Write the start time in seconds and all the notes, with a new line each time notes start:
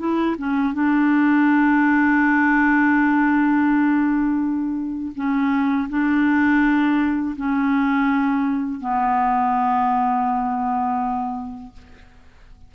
0.00 E4
0.39 C#4
0.74 D4
5.16 C#4
5.90 D4
7.37 C#4
8.81 B3